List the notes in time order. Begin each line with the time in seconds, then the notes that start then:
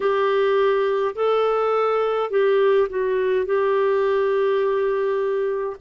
0.00 G4
1.15 A4
2.30 G4
2.89 F#4
3.45 G4